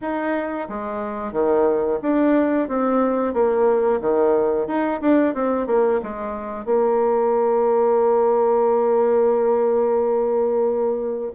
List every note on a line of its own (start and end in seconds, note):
0.01 0.68 D#4
0.68 1.32 G#3
1.32 1.99 D#3
2.02 2.68 D4
2.68 3.33 C4
3.33 4.00 A#3
4.00 4.67 D#3
4.67 5.00 D#4
5.01 5.34 D4
5.34 5.67 C4
5.67 6.00 A#3
6.02 6.65 G#3
6.65 11.32 A#3